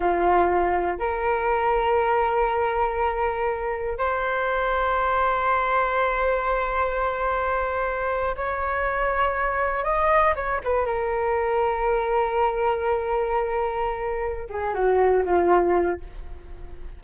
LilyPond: \new Staff \with { instrumentName = "flute" } { \time 4/4 \tempo 4 = 120 f'2 ais'2~ | ais'1 | c''1~ | c''1~ |
c''8. cis''2. dis''16~ | dis''8. cis''8 b'8 ais'2~ ais'16~ | ais'1~ | ais'4 gis'8 fis'4 f'4. | }